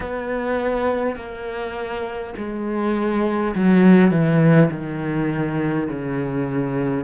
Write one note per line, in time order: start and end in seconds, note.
0.00 1.16 B3
1.16 2.33 A#3
2.37 3.55 G#3
3.55 4.10 F#3
4.10 4.69 E3
4.71 5.88 D#3
5.89 7.04 C#3